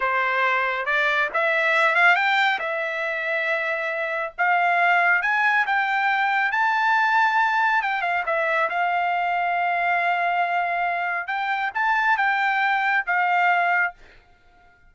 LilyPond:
\new Staff \with { instrumentName = "trumpet" } { \time 4/4 \tempo 4 = 138 c''2 d''4 e''4~ | e''8 f''8 g''4 e''2~ | e''2 f''2 | gis''4 g''2 a''4~ |
a''2 g''8 f''8 e''4 | f''1~ | f''2 g''4 a''4 | g''2 f''2 | }